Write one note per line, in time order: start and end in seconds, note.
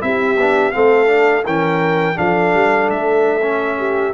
0.00 0.36 C4
0.00 0.36 E4
0.00 0.74 G4
0.00 0.71 E5
0.36 0.72 B3
0.36 0.72 D4
0.71 1.46 A3
0.71 1.06 C4
0.71 1.44 A4
0.71 1.43 F5
1.06 1.42 D4
1.44 2.17 E3
1.44 2.15 C#4
1.44 2.16 A#4
1.44 2.17 G5
2.15 2.53 F3
2.15 3.40 D4
2.15 3.78 A4
2.15 2.89 F5
2.53 2.89 G3
2.89 4.13 A3
2.89 4.13 E5
3.41 4.13 C#4
3.78 4.13 G4